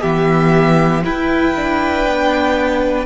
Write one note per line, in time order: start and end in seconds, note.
0.00 1.04 E3
0.00 1.03 B3
0.00 1.02 G4
0.00 1.03 E5
1.03 1.54 E4
1.03 2.06 E4
1.03 3.05 B4
1.03 3.05 G5
1.55 3.05 D4
2.06 3.05 B3